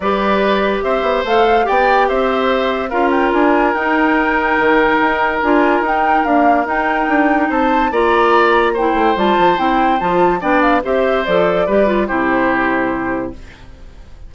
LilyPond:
<<
  \new Staff \with { instrumentName = "flute" } { \time 4/4 \tempo 4 = 144 d''2 e''4 f''4 | g''4 e''2 f''8 g''8 | gis''4 g''2.~ | g''4 gis''4 g''4 f''4 |
g''2 a''4 ais''4~ | ais''4 g''4 a''4 g''4 | a''4 g''8 f''8 e''4 d''4~ | d''4 c''2. | }
  \new Staff \with { instrumentName = "oboe" } { \time 4/4 b'2 c''2 | d''4 c''2 ais'4~ | ais'1~ | ais'1~ |
ais'2 c''4 d''4~ | d''4 c''2.~ | c''4 d''4 c''2 | b'4 g'2. | }
  \new Staff \with { instrumentName = "clarinet" } { \time 4/4 g'2. a'4 | g'2. f'4~ | f'4 dis'2.~ | dis'4 f'4 dis'4 ais4 |
dis'2. f'4~ | f'4 e'4 f'4 e'4 | f'4 d'4 g'4 a'4 | g'8 f'8 e'2. | }
  \new Staff \with { instrumentName = "bassoon" } { \time 4/4 g2 c'8 b8 a4 | b4 c'2 cis'4 | d'4 dis'2 dis4 | dis'4 d'4 dis'4 d'4 |
dis'4 d'4 c'4 ais4~ | ais4. a8 g8 f8 c'4 | f4 b4 c'4 f4 | g4 c2. | }
>>